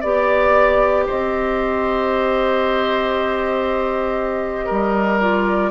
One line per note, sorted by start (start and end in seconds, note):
0.00 1.06 B3
0.00 5.20 G4
0.00 1.03 D5
0.00 1.05 D5
1.06 4.70 C4
1.06 4.65 C5
1.06 5.20 D#5
4.65 5.71 G3
4.65 5.69 A#4
5.20 5.71 F4
5.20 5.71 D5